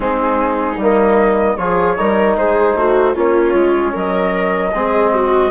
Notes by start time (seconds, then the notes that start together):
0.00 G#3 C4 D#4 G#4
0.76 G3 A#3 D#5
1.56 F3 F4 G#4 C#5
1.97 G3 D#4 A#4
2.37 G#3 G#4 C5
2.75 A3 F#4
3.14 A#3 C#4 F4 C#5
3.53 G#3
3.92 F#3 A#4 D#5
4.74 G#3 C4 G#4
5.13 F#4